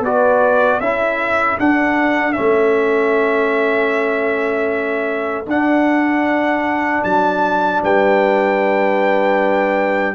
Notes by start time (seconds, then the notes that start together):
0.00 B3 F#4 B4 D5
0.80 C#4 E4 A4 E5
1.59 D4 F#5
2.33 C#4 E5
2.39 A3
5.47 D4 F#5
7.04 F#3 A5
7.83 G3 B4 G5